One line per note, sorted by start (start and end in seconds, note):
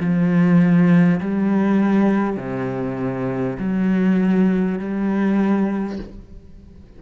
0.00 1.20 F3
1.21 2.37 G3
2.37 3.57 C3
3.59 4.78 F#3
4.78 5.98 G3